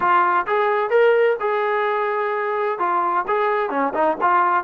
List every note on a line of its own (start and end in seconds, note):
0.00 0.45 F4
0.46 0.90 G#4
0.90 1.36 A#4
1.40 2.79 G#4
2.79 3.25 F4
3.27 3.70 G#4
3.70 3.93 C#4
3.94 4.17 D#4
4.21 4.64 F4